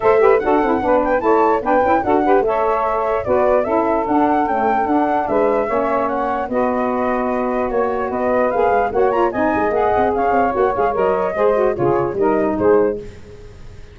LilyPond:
<<
  \new Staff \with { instrumentName = "flute" } { \time 4/4 \tempo 4 = 148 e''4 fis''4. g''8 a''4 | g''4 fis''4 e''2 | d''4 e''4 fis''4 g''4 | fis''4 e''2 fis''4 |
dis''2. cis''4 | dis''4 f''4 fis''8 ais''8 gis''4 | fis''4 f''4 fis''8 f''8 dis''4~ | dis''4 cis''4 dis''4 c''4 | }
  \new Staff \with { instrumentName = "saxophone" } { \time 4/4 c''8 b'8 a'4 b'4 cis''4 | b'4 a'8 b'8 cis''2 | b'4 a'2.~ | a'4 b'4 cis''2 |
b'2. cis''4 | b'2 cis''4 dis''4~ | dis''4 cis''2. | c''4 gis'4 ais'4 gis'4 | }
  \new Staff \with { instrumentName = "saxophone" } { \time 4/4 a'8 g'8 fis'8 e'8 d'4 e'4 | d'8 e'8 fis'8 g'8 a'2 | fis'4 e'4 d'4 a4 | d'2 cis'2 |
fis'1~ | fis'4 gis'4 fis'8 f'8 dis'4 | gis'2 fis'8 gis'8 ais'4 | gis'8 fis'8 f'4 dis'2 | }
  \new Staff \with { instrumentName = "tuba" } { \time 4/4 a4 d'8 c'8 b4 a4 | b8 cis'8 d'4 a2 | b4 cis'4 d'4 cis'4 | d'4 gis4 ais2 |
b2. ais4 | b4 ais8 gis8 ais4 c'8 gis8 | ais8 c'8 cis'8 c'8 ais8 gis8 fis4 | gis4 cis4 g4 gis4 | }
>>